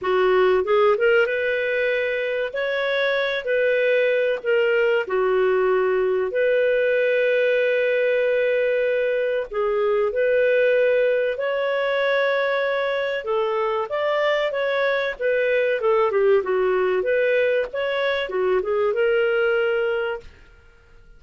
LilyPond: \new Staff \with { instrumentName = "clarinet" } { \time 4/4 \tempo 4 = 95 fis'4 gis'8 ais'8 b'2 | cis''4. b'4. ais'4 | fis'2 b'2~ | b'2. gis'4 |
b'2 cis''2~ | cis''4 a'4 d''4 cis''4 | b'4 a'8 g'8 fis'4 b'4 | cis''4 fis'8 gis'8 ais'2 | }